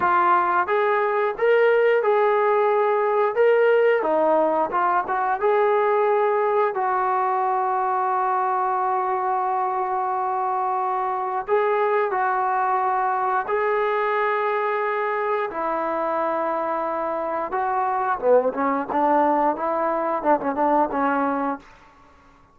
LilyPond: \new Staff \with { instrumentName = "trombone" } { \time 4/4 \tempo 4 = 89 f'4 gis'4 ais'4 gis'4~ | gis'4 ais'4 dis'4 f'8 fis'8 | gis'2 fis'2~ | fis'1~ |
fis'4 gis'4 fis'2 | gis'2. e'4~ | e'2 fis'4 b8 cis'8 | d'4 e'4 d'16 cis'16 d'8 cis'4 | }